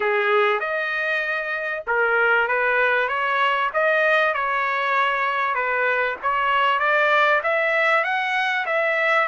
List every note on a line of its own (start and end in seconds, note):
0.00 0.60 G#4
0.60 1.83 D#5
1.87 2.47 A#4
2.47 3.08 B4
3.08 3.70 C#5
3.73 4.34 D#5
4.34 5.54 C#5
5.54 6.16 B4
6.22 6.79 C#5
6.79 7.41 D5
7.43 8.04 E5
8.04 8.65 F#5
8.66 9.28 E5